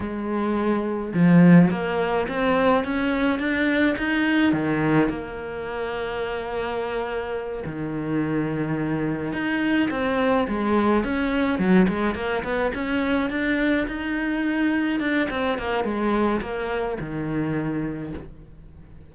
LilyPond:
\new Staff \with { instrumentName = "cello" } { \time 4/4 \tempo 4 = 106 gis2 f4 ais4 | c'4 cis'4 d'4 dis'4 | dis4 ais2.~ | ais4. dis2~ dis8~ |
dis8 dis'4 c'4 gis4 cis'8~ | cis'8 fis8 gis8 ais8 b8 cis'4 d'8~ | d'8 dis'2 d'8 c'8 ais8 | gis4 ais4 dis2 | }